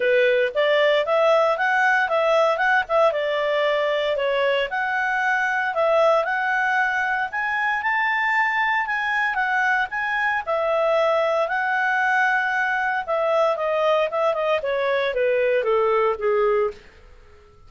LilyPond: \new Staff \with { instrumentName = "clarinet" } { \time 4/4 \tempo 4 = 115 b'4 d''4 e''4 fis''4 | e''4 fis''8 e''8 d''2 | cis''4 fis''2 e''4 | fis''2 gis''4 a''4~ |
a''4 gis''4 fis''4 gis''4 | e''2 fis''2~ | fis''4 e''4 dis''4 e''8 dis''8 | cis''4 b'4 a'4 gis'4 | }